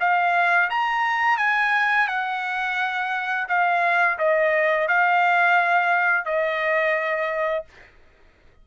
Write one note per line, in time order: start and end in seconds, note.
0.00 0.70 F5
0.70 1.38 A#5
1.38 2.08 G#5
2.08 3.47 F#5
3.49 4.18 F5
4.18 4.88 D#5
4.88 6.26 F5
6.26 7.65 D#5